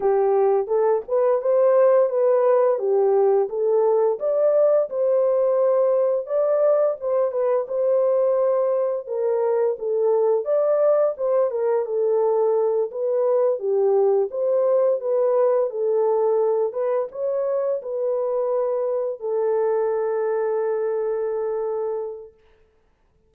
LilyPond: \new Staff \with { instrumentName = "horn" } { \time 4/4 \tempo 4 = 86 g'4 a'8 b'8 c''4 b'4 | g'4 a'4 d''4 c''4~ | c''4 d''4 c''8 b'8 c''4~ | c''4 ais'4 a'4 d''4 |
c''8 ais'8 a'4. b'4 g'8~ | g'8 c''4 b'4 a'4. | b'8 cis''4 b'2 a'8~ | a'1 | }